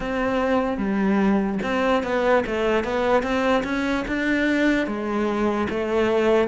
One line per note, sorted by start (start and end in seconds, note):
0.00 0.77 C4
0.77 1.58 G3
1.63 2.03 C4
2.03 2.43 B3
2.46 2.84 A3
2.84 3.22 B3
3.22 3.63 C4
3.63 4.04 C#4
4.07 4.86 D4
4.86 5.68 G#3
5.69 6.48 A3